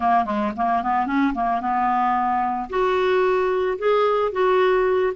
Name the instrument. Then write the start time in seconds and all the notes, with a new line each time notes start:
clarinet
0.00 A#3
0.25 G#3
0.56 A#3
0.82 B3
1.06 C#4
1.34 A#3
1.60 B3
2.69 F#4
3.78 G#4
4.32 F#4